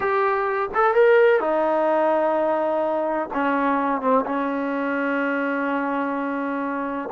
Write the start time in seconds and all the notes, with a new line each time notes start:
0.00 G4
0.74 A4
0.94 A#4
1.40 D#4
3.33 C#4
4.01 C4
4.25 C#4